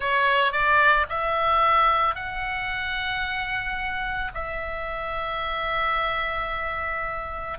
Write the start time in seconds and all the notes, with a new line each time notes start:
0.00 C#5
0.52 D5
1.09 E5
2.15 F#5
4.34 E5